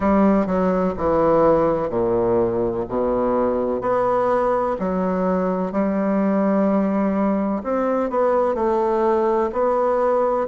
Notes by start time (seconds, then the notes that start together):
0.00 G3
0.46 F#3
0.97 E3
1.89 A#2
2.88 B2
3.81 B3
4.79 F#3
5.71 G3
7.63 C4
8.10 B3
8.55 A3
9.52 B3